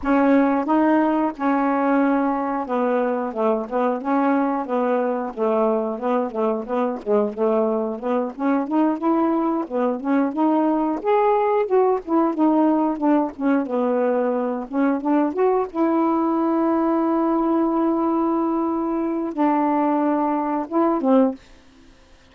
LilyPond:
\new Staff \with { instrumentName = "saxophone" } { \time 4/4 \tempo 4 = 90 cis'4 dis'4 cis'2 | b4 a8 b8 cis'4 b4 | a4 b8 a8 b8 gis8 a4 | b8 cis'8 dis'8 e'4 b8 cis'8 dis'8~ |
dis'8 gis'4 fis'8 e'8 dis'4 d'8 | cis'8 b4. cis'8 d'8 fis'8 e'8~ | e'1~ | e'4 d'2 e'8 c'8 | }